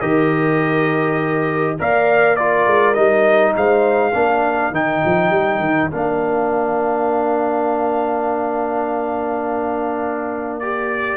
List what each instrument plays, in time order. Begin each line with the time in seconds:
0.00 tuba D#3, trombone G4, horn A#4, trumpet D#5
1.79 tuba A#3, trombone A#4, horn D5, trumpet F5
2.35 trombone F4, horn A#4, trumpet D5
2.66 tuba G#3
2.94 tuba G3, trombone D#4, trumpet D#5
3.56 tuba G#3, horn C5, trumpet F5
4.12 tuba A#3, trombone D4, horn A#4
4.71 tuba D#3, trombone D#4, trumpet G5
5.05 tuba F3
5.31 tuba G3
5.59 tuba D#3
5.91 tuba A#3, trombone D4, trumpet F5
10.59 trombone G4, trumpet D5